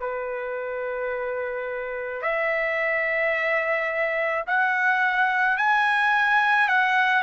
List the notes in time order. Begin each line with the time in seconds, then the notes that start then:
0.00 B4
2.22 E5
4.47 F#5
5.57 G#5
6.68 F#5